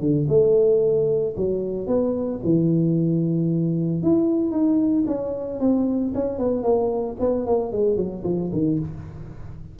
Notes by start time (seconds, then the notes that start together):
0.00 D3
0.29 A3
1.37 F#3
1.87 B3
2.44 E3
4.03 E4
4.51 D#4
5.07 C#4
5.60 C4
6.14 C#4
6.38 B3
6.63 A#3
7.20 B3
7.46 A#3
7.72 G#3
7.97 F#3
8.24 F3
8.52 D#3